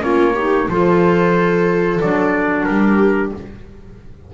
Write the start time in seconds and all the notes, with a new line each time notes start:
0.00 A#3 C#4 F4 C#5
0.34 D#4 G4
0.68 F3 F4 A4 C5
2.01 F#3 D4 D5
2.64 G3 G4 A#4